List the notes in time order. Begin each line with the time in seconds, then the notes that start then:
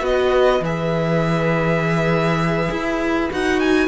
0.00 B3 F#4 B4 D#5
0.61 E3 G#4 E5
2.71 E4
3.31 D#4 F#4 F#5
3.60 G#5